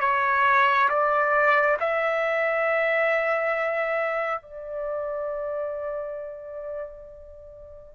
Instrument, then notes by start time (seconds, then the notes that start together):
trumpet
0.00 C#5
0.89 D5
1.80 E5
4.42 D5